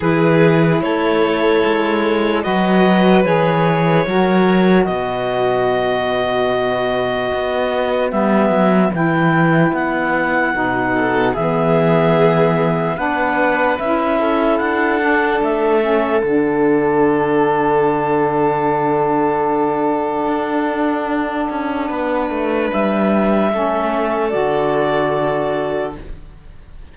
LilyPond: <<
  \new Staff \with { instrumentName = "clarinet" } { \time 4/4 \tempo 4 = 74 b'4 cis''2 dis''4 | cis''2 dis''2~ | dis''2 e''4 g''4 | fis''2 e''2 |
fis''4 e''4 fis''4 e''4 | fis''1~ | fis''1 | e''2 d''2 | }
  \new Staff \with { instrumentName = "violin" } { \time 4/4 gis'4 a'2 b'4~ | b'4 ais'4 b'2~ | b'1~ | b'4. a'8 gis'2 |
b'4. a'2~ a'8~ | a'1~ | a'2. b'4~ | b'4 a'2. | }
  \new Staff \with { instrumentName = "saxophone" } { \time 4/4 e'2. fis'4 | gis'4 fis'2.~ | fis'2 b4 e'4~ | e'4 dis'4 b2 |
d'4 e'4. d'4 cis'8 | d'1~ | d'1~ | d'4 cis'4 fis'2 | }
  \new Staff \with { instrumentName = "cello" } { \time 4/4 e4 a4 gis4 fis4 | e4 fis4 b,2~ | b,4 b4 g8 fis8 e4 | b4 b,4 e2 |
b4 cis'4 d'4 a4 | d1~ | d4 d'4. cis'8 b8 a8 | g4 a4 d2 | }
>>